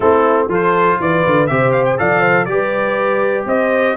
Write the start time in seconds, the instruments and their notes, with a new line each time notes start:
0.00 tuba A3, trombone C4, horn E4, trumpet A4
0.48 tuba F3, trombone F4, horn A4, trumpet C5
0.99 tuba E3, horn B4, trumpet D5
1.25 tuba D3
1.46 tuba C3, trombone G4, horn C5, trumpet E5
1.72 trumpet F5
1.85 trumpet G5
1.97 tuba F3, trombone A4, horn D5, trumpet F5
2.21 horn C5
2.45 tuba G3, trombone G4, horn B4, trumpet D5
3.45 tuba C4, horn C5, trumpet D#5